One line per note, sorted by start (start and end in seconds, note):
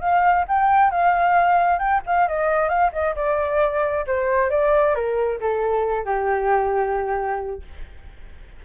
0.00 0.45 F5
0.48 0.91 G5
0.91 1.78 F5
1.78 2.01 G5
2.06 2.28 F5
2.28 2.68 D#5
2.68 2.91 F5
2.92 3.14 D#5
3.15 4.05 D5
4.06 4.49 C5
4.49 4.94 D5
4.95 5.39 A#4
5.40 6.05 A4
6.05 7.62 G4